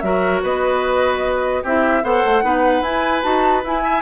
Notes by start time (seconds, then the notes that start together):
0.00 F#3 F#4 A#4 E5
0.43 B3 B4 D#5
1.63 C4 E4 G4 E5
2.03 B3 A4 C5 F#5
2.24 A3
2.43 B3 D#4 B4
2.81 E4 G#5
3.22 D#4 F#4 A5
3.64 E4 G#5
3.83 E5